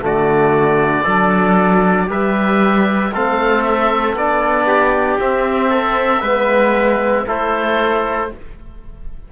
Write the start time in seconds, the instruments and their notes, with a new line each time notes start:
0.00 cello D3, trombone A3, trumpet F#4, oboe D5
1.03 cello F#3, trombone D4, trumpet A4
2.06 cello G3, trombone G4, trumpet B4, oboe E5
3.12 cello A3, trombone C4, trumpet A4, oboe F5
3.63 oboe E5
4.14 cello B3, trombone D4, oboe D5
4.66 trumpet G4
5.19 trombone C4, cello C4, oboe E5
5.70 trumpet A4
6.21 cello G#3, trombone B3, trumpet B4
7.26 cello A3, trombone E4, trumpet A4, oboe C5